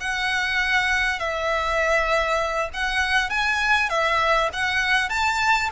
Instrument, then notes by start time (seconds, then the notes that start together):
violin
0.00 F#5
1.19 E5
2.73 F#5
3.29 G#5
3.89 E5
4.53 F#5
5.09 A5